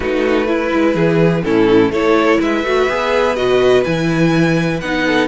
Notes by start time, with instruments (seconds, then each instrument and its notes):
0.00 cello A3, viola D#4, violin F#4 B4
0.46 viola E4, violin E4
0.73 cello G#3
0.94 cello E3, violin G#4
1.43 cello A2, viola C#4, violin E4 A4
1.90 cello A3, viola E4, violin A4 C#5
2.38 cello G#3, violin B4 E5
2.63 cello A3, viola F#4
2.89 cello B3, viola G#4
3.35 cello B2, viola F#4, violin D#5
3.83 cello E3, viola E4, violin G#5
4.80 cello B3, viola D#4, violin F#5
5.05 violin A4